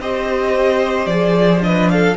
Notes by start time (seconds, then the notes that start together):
0.00 C4 G4 C5 D#5
1.06 F3 G#4 D5
1.61 D4 B4 D#5
1.90 A4 F5